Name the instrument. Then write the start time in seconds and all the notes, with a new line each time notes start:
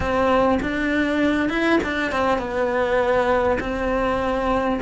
cello
0.00 C4
0.61 D4
1.49 E4
1.83 D4
2.11 C4
2.38 B3
3.59 C4